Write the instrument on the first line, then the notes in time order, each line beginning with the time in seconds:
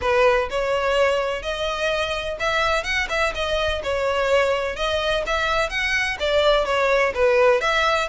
violin
0.01 B4
0.50 C#5
1.42 D#5
2.39 E5
2.83 F#5
3.09 E5
3.35 D#5
3.83 C#5
4.76 D#5
5.26 E5
5.69 F#5
6.19 D5
6.65 C#5
7.14 B4
7.60 E5